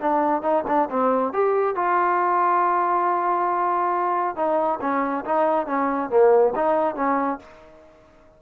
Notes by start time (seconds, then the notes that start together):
0.00 D4
0.42 D#4
0.67 D4
0.90 C4
1.32 G4
1.75 F4
4.36 D#4
4.81 C#4
5.25 D#4
5.66 C#4
6.09 A#3
6.55 D#4
6.95 C#4